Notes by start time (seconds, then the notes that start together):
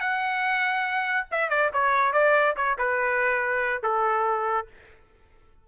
0.00 F#5
1.31 E5
1.50 D5
1.73 C#5
2.13 D5
2.57 C#5
2.78 B4
3.83 A4